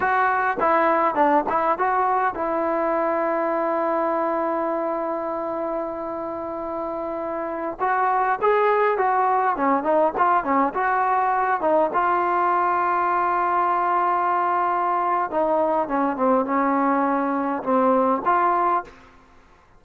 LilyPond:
\new Staff \with { instrumentName = "trombone" } { \time 4/4 \tempo 4 = 102 fis'4 e'4 d'8 e'8 fis'4 | e'1~ | e'1~ | e'4~ e'16 fis'4 gis'4 fis'8.~ |
fis'16 cis'8 dis'8 f'8 cis'8 fis'4. dis'16~ | dis'16 f'2.~ f'8.~ | f'2 dis'4 cis'8 c'8 | cis'2 c'4 f'4 | }